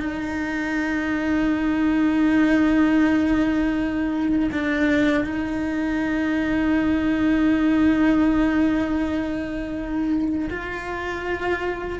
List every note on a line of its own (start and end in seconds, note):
0.00 4.50 D#4
4.52 5.25 D4
5.25 10.50 D#4
10.50 12.00 F4